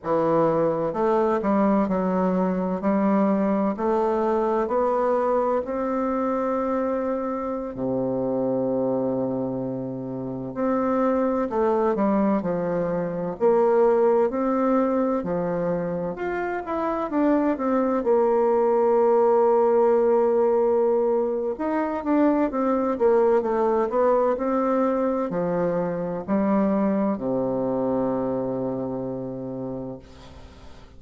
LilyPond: \new Staff \with { instrumentName = "bassoon" } { \time 4/4 \tempo 4 = 64 e4 a8 g8 fis4 g4 | a4 b4 c'2~ | c'16 c2. c'8.~ | c'16 a8 g8 f4 ais4 c'8.~ |
c'16 f4 f'8 e'8 d'8 c'8 ais8.~ | ais2. dis'8 d'8 | c'8 ais8 a8 b8 c'4 f4 | g4 c2. | }